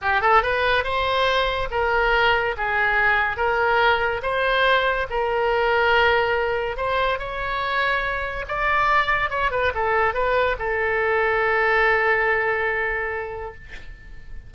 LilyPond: \new Staff \with { instrumentName = "oboe" } { \time 4/4 \tempo 4 = 142 g'8 a'8 b'4 c''2 | ais'2 gis'2 | ais'2 c''2 | ais'1 |
c''4 cis''2. | d''2 cis''8 b'8 a'4 | b'4 a'2.~ | a'1 | }